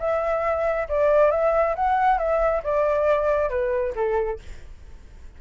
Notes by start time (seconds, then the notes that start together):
0.00 E5
0.89 D5
1.31 E5
1.76 F#5
2.19 E5
2.64 D5
3.50 B4
3.96 A4